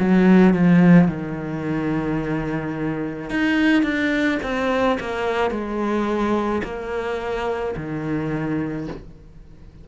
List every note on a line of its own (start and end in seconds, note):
0.00 0.54 F#3
0.54 1.09 F3
1.09 3.31 D#3
3.31 3.83 D#4
3.83 4.39 D4
4.43 4.98 C4
5.00 5.51 A#3
5.51 6.62 G#3
6.64 7.75 A#3
7.77 8.88 D#3